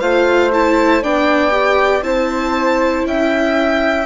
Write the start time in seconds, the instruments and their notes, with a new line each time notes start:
0.00 bassoon A3, viola F4, flute C5, violin F5
0.53 viola E4, violin A5
1.03 bassoon B3, viola D4, flute D5, violin G5
1.51 viola G4
2.02 bassoon C4, viola E4, flute C5, violin A5
3.05 bassoon C#4, flute E5, violin G5